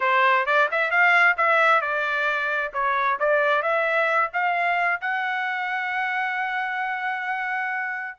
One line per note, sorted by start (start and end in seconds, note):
0.00 0.45 C5
0.46 0.68 D5
0.71 0.90 E5
0.90 1.36 F5
1.37 1.81 E5
1.81 2.72 D5
2.73 3.18 C#5
3.19 3.62 D5
3.62 4.30 E5
4.33 5.00 F5
5.00 8.18 F#5